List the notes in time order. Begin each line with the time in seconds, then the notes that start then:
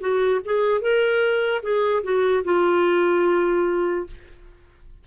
0.00 F#4
0.45 G#4
0.81 A#4
1.63 G#4
2.03 F#4
2.44 F4